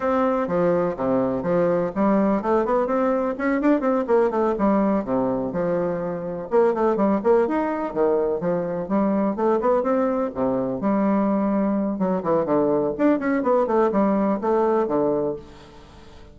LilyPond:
\new Staff \with { instrumentName = "bassoon" } { \time 4/4 \tempo 4 = 125 c'4 f4 c4 f4 | g4 a8 b8 c'4 cis'8 d'8 | c'8 ais8 a8 g4 c4 f8~ | f4. ais8 a8 g8 ais8 dis'8~ |
dis'8 dis4 f4 g4 a8 | b8 c'4 c4 g4.~ | g4 fis8 e8 d4 d'8 cis'8 | b8 a8 g4 a4 d4 | }